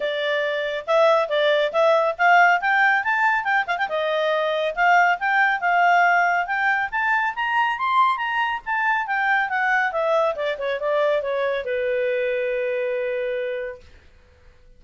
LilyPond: \new Staff \with { instrumentName = "clarinet" } { \time 4/4 \tempo 4 = 139 d''2 e''4 d''4 | e''4 f''4 g''4 a''4 | g''8 f''16 g''16 dis''2 f''4 | g''4 f''2 g''4 |
a''4 ais''4 c'''4 ais''4 | a''4 g''4 fis''4 e''4 | d''8 cis''8 d''4 cis''4 b'4~ | b'1 | }